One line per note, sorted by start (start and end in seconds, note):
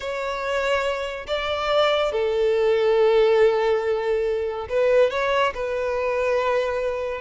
0.00 1.26 C#5
1.26 2.12 D5
2.12 4.67 A4
4.69 5.10 B4
5.10 5.53 C#5
5.54 7.21 B4